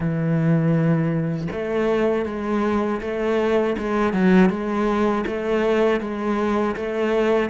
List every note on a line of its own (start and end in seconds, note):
0.00 1.48 E3
1.52 2.25 A3
2.25 3.00 G#3
3.01 3.76 A3
3.78 4.13 G#3
4.13 4.49 F#3
4.49 5.24 G#3
5.26 6.00 A3
6.00 6.75 G#3
6.76 7.49 A3